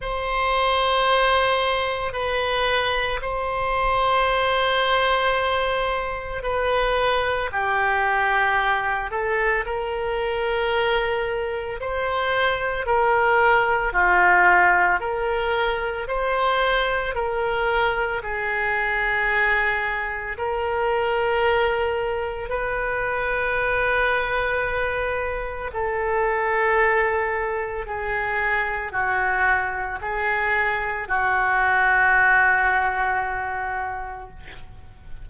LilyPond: \new Staff \with { instrumentName = "oboe" } { \time 4/4 \tempo 4 = 56 c''2 b'4 c''4~ | c''2 b'4 g'4~ | g'8 a'8 ais'2 c''4 | ais'4 f'4 ais'4 c''4 |
ais'4 gis'2 ais'4~ | ais'4 b'2. | a'2 gis'4 fis'4 | gis'4 fis'2. | }